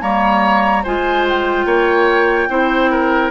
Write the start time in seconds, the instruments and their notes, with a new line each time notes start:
0.00 bassoon G3, clarinet A#3, oboe C#5, flute A#5
0.84 bassoon G#3, clarinet F4, oboe C5, flute G#5
1.28 flute G5
1.65 bassoon A#3, oboe C#5
2.49 bassoon C4, clarinet E4, oboe C5
2.91 oboe A#4